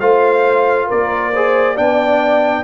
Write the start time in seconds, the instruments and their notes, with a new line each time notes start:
0.00 tuba A3, trombone F4, horn C5, trumpet F5
0.87 tuba A#3, horn A#4, trumpet D5
1.33 trombone G#4, horn C5
1.75 tuba B3, trombone D4, horn D5, trumpet G5